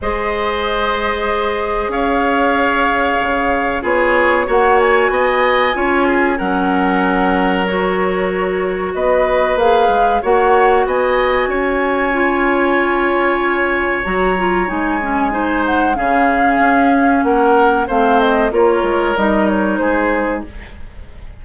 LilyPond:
<<
  \new Staff \with { instrumentName = "flute" } { \time 4/4 \tempo 4 = 94 dis''2. f''4~ | f''2 cis''4 fis''8 gis''8~ | gis''2 fis''2 | cis''2 dis''4 f''4 |
fis''4 gis''2.~ | gis''2 ais''4 gis''4~ | gis''8 fis''8 f''2 fis''4 | f''8 dis''8 cis''4 dis''8 cis''8 c''4 | }
  \new Staff \with { instrumentName = "oboe" } { \time 4/4 c''2. cis''4~ | cis''2 gis'4 cis''4 | dis''4 cis''8 gis'8 ais'2~ | ais'2 b'2 |
cis''4 dis''4 cis''2~ | cis''1 | c''4 gis'2 ais'4 | c''4 ais'2 gis'4 | }
  \new Staff \with { instrumentName = "clarinet" } { \time 4/4 gis'1~ | gis'2 f'4 fis'4~ | fis'4 f'4 cis'2 | fis'2. gis'4 |
fis'2. f'4~ | f'2 fis'8 f'8 dis'8 cis'8 | dis'4 cis'2. | c'4 f'4 dis'2 | }
  \new Staff \with { instrumentName = "bassoon" } { \time 4/4 gis2. cis'4~ | cis'4 cis4 b4 ais4 | b4 cis'4 fis2~ | fis2 b4 ais8 gis8 |
ais4 b4 cis'2~ | cis'2 fis4 gis4~ | gis4 cis4 cis'4 ais4 | a4 ais8 gis8 g4 gis4 | }
>>